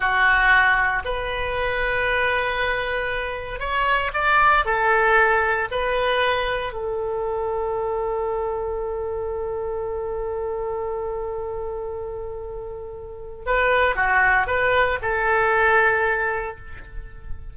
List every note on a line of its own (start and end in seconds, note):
0.00 1.03 F#4
1.04 3.59 B4
3.59 4.11 C#5
4.13 4.65 D5
4.65 5.68 A4
5.71 6.72 B4
6.72 13.45 A4
13.46 13.95 B4
13.95 14.47 F#4
14.47 14.98 B4
15.02 16.57 A4